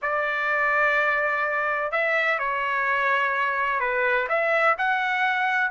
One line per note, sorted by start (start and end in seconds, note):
0.02 1.91 D5
1.91 2.39 E5
2.39 3.79 C#5
3.79 4.27 B4
4.29 4.76 E5
4.78 5.70 F#5